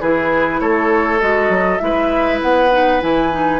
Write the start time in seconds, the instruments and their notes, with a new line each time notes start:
0.00 bassoon E3, clarinet E4, oboe G#4, flute B4
0.60 bassoon A3, oboe A4, flute C#5
1.20 bassoon G#3, clarinet F#4, flute D#5
1.49 bassoon F#3
1.79 bassoon G#3, clarinet E4, oboe B4, flute E5
2.42 bassoon B3, flute F#5
2.71 clarinet D#4
3.00 bassoon E3, clarinet E4, flute G#5
3.31 clarinet D#4